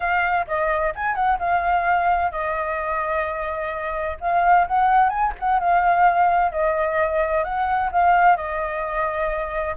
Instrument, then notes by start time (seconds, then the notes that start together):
flute
0.00 F5
0.47 D#5
0.95 G#5
1.15 F#5
1.38 F5
2.31 D#5
4.20 F5
4.67 F#5
5.09 G#5
5.39 F#5
5.59 F5
6.51 D#5
7.43 F#5
7.92 F5
8.36 D#5